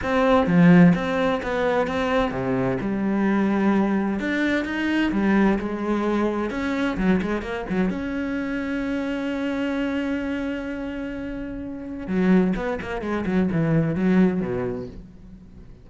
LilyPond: \new Staff \with { instrumentName = "cello" } { \time 4/4 \tempo 4 = 129 c'4 f4 c'4 b4 | c'4 c4 g2~ | g4 d'4 dis'4 g4 | gis2 cis'4 fis8 gis8 |
ais8 fis8 cis'2.~ | cis'1~ | cis'2 fis4 b8 ais8 | gis8 fis8 e4 fis4 b,4 | }